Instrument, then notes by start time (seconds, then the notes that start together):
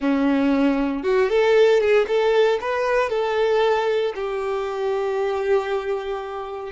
violin
0.00 C#4
1.03 F#4
1.29 A4
1.80 G#4
2.07 A4
2.61 B4
3.09 A4
4.15 G4